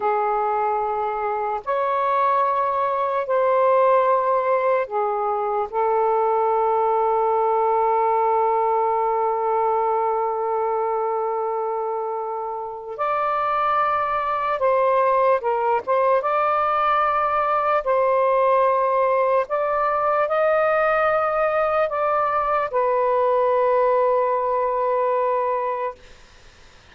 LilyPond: \new Staff \with { instrumentName = "saxophone" } { \time 4/4 \tempo 4 = 74 gis'2 cis''2 | c''2 gis'4 a'4~ | a'1~ | a'1 |
d''2 c''4 ais'8 c''8 | d''2 c''2 | d''4 dis''2 d''4 | b'1 | }